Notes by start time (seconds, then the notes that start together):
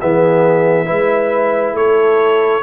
0.00 E3 B3 G#4 E5
0.86 G#3 E4 B4
1.73 A3 A4 C#5